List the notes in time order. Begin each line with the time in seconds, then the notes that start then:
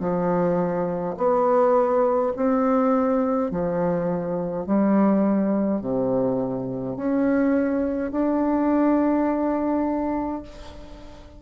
0.00 F3
1.17 B3
2.36 C4
3.51 F3
4.66 G3
5.81 C3
6.96 C#4
8.11 D4